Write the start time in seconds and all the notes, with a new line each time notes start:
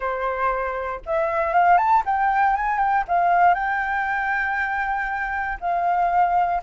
0.00 C5
1.05 E5
1.53 F5
1.77 A5
2.05 G5
2.56 G#5
2.78 G5
3.08 F5
3.54 G5
5.60 F5